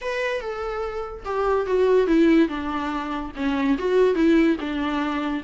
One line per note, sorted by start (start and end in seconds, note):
0.01 0.41 B4
0.41 1.24 A4
1.24 1.66 G4
1.66 2.07 F#4
2.07 2.48 E4
2.48 3.31 D4
3.36 3.77 C#4
3.78 4.14 F#4
4.14 4.56 E4
4.60 5.43 D4